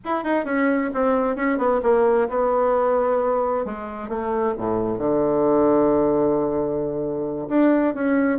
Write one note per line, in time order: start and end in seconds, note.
0.04 0.24 E4
0.24 0.44 D#4
0.44 0.90 C#4
0.94 1.36 C4
1.36 1.58 C#4
1.58 1.80 B3
1.82 2.28 A#3
2.29 3.65 B3
3.65 4.08 G#3
4.08 4.54 A3
4.57 4.98 A2
4.98 7.48 D3
7.48 7.94 D4
7.94 8.39 C#4